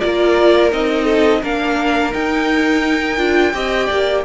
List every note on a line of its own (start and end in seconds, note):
0.00 0.72 A#3
0.00 0.71 F4
0.00 1.05 A#4
0.00 0.71 D5
0.71 1.43 C4
0.71 1.42 D#4
0.71 1.44 D#5
1.05 1.40 A4
1.42 2.14 A#3
1.42 2.13 D4
1.42 3.54 A#4
1.42 2.14 F5
2.13 3.18 D#4
2.13 4.25 G5
3.18 3.54 D4
3.18 3.53 F4
3.54 3.89 C4
3.54 4.25 G4
3.54 3.86 D#5
3.86 4.25 A#3
3.86 4.22 D5